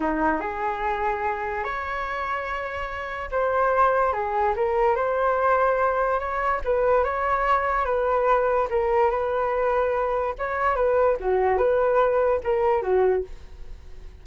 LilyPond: \new Staff \with { instrumentName = "flute" } { \time 4/4 \tempo 4 = 145 dis'4 gis'2. | cis''1 | c''2 gis'4 ais'4 | c''2. cis''4 |
b'4 cis''2 b'4~ | b'4 ais'4 b'2~ | b'4 cis''4 b'4 fis'4 | b'2 ais'4 fis'4 | }